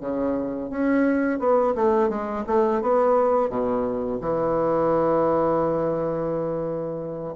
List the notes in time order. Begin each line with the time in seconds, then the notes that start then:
0.00 C#3
0.70 C#4
1.39 B3
1.75 A3
2.09 G#3
2.46 A3
2.81 B3
3.49 B2
4.21 E3